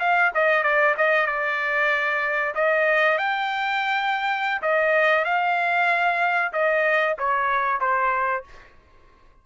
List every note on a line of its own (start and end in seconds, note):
0.00 0.32 F5
0.35 0.63 D#5
0.63 0.95 D5
0.97 1.26 D#5
1.26 2.54 D5
2.55 3.18 D#5
3.18 4.62 G5
4.62 5.25 D#5
5.25 6.53 F5
6.53 7.17 D#5
7.18 7.80 C#5
7.80 8.44 C5